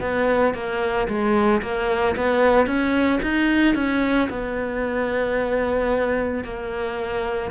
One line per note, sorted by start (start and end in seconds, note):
0.00 0.54 B3
0.54 1.07 A#3
1.08 1.61 G#3
1.62 2.15 A#3
2.16 2.66 B3
2.66 3.19 C#4
3.22 3.75 D#4
3.75 4.28 C#4
4.30 6.44 B3
6.44 7.51 A#3